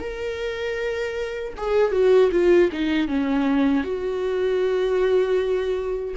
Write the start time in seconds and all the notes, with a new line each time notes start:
0.00 A#4
1.57 G#4
1.92 F#4
2.31 F4
2.72 D#4
3.08 C#4
3.84 F#4